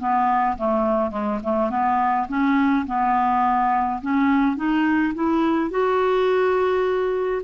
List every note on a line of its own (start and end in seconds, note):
0.00 0.57 B3
0.58 1.11 A3
1.11 1.40 G#3
1.43 1.70 A3
1.70 2.28 B3
2.29 2.86 C#4
2.87 4.01 B3
4.02 4.57 C#4
4.57 5.14 D#4
5.15 5.71 E4
5.71 7.42 F#4